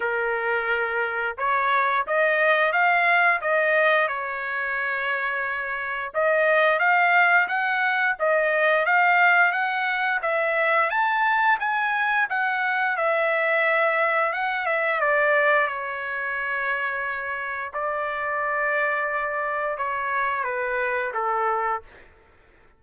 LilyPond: \new Staff \with { instrumentName = "trumpet" } { \time 4/4 \tempo 4 = 88 ais'2 cis''4 dis''4 | f''4 dis''4 cis''2~ | cis''4 dis''4 f''4 fis''4 | dis''4 f''4 fis''4 e''4 |
a''4 gis''4 fis''4 e''4~ | e''4 fis''8 e''8 d''4 cis''4~ | cis''2 d''2~ | d''4 cis''4 b'4 a'4 | }